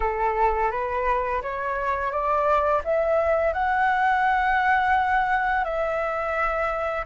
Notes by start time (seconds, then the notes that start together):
0.00 A4
0.71 B4
1.41 C#5
2.11 D5
2.84 E5
3.53 F#5
5.64 E5